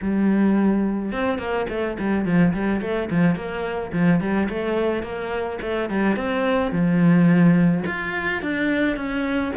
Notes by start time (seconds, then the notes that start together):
0.01 G3
1.12 C4
1.38 A#3
1.69 A3
1.99 G3
2.25 F3
2.53 G3
2.81 A3
3.10 F3
3.35 A#3
3.92 F3
4.20 G3
4.49 A3
5.02 A#3
5.61 A3
5.89 G3
6.16 C4
6.71 F3
7.86 F4
8.41 D4
8.96 C#4